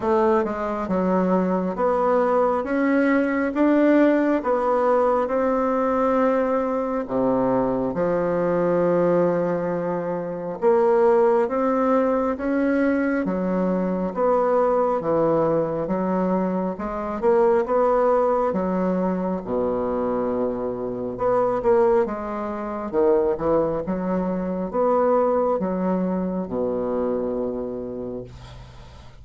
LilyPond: \new Staff \with { instrumentName = "bassoon" } { \time 4/4 \tempo 4 = 68 a8 gis8 fis4 b4 cis'4 | d'4 b4 c'2 | c4 f2. | ais4 c'4 cis'4 fis4 |
b4 e4 fis4 gis8 ais8 | b4 fis4 b,2 | b8 ais8 gis4 dis8 e8 fis4 | b4 fis4 b,2 | }